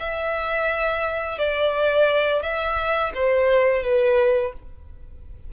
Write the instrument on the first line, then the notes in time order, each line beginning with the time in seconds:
violin
0.00 E5
1.39 D5
2.43 E5
3.15 C5
3.83 B4